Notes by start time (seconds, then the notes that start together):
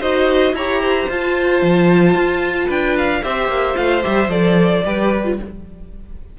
0.00 D#4 F#4 C5 D#5
0.52 E4 G4 C#5 A#5
0.81 C5
1.08 F4 A5
1.62 F3
2.15 F4
2.67 D4 B4 G5
2.97 F5
3.23 C4 G4 C5 E5
3.48 A#3
3.74 A3 F4 F5
4.02 G3 G4 E5
4.28 F3 A4 D5
4.84 G3 G4 B4
5.24 F4